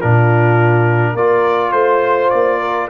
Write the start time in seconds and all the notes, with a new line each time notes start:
0.00 A#2 D4 F4 A#4
1.13 A#3 F4 A#4 D5
1.72 A3 C5
2.30 A#3 D5
2.59 A#4